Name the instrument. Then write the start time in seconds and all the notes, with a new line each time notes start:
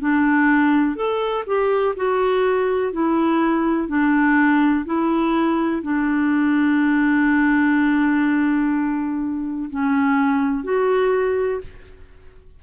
clarinet
0.00 D4
0.96 A4
1.46 G4
1.96 F#4
2.93 E4
3.88 D4
4.86 E4
5.82 D4
9.70 C#4
10.64 F#4